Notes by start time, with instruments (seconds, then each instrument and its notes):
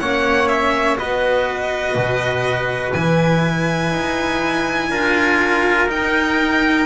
0.00 double bass A#3, cello C#4, trumpet C#5, violin F#5
0.48 violin E5
0.97 double bass B3, cello F#4, trumpet B4, violin D#5
1.95 double bass B2
2.93 double bass E3, cello E4, violin G#5
3.92 double bass D#4
4.90 double bass D4, cello F4, trumpet A#4
5.88 cello D#4, double bass D#4, violin G5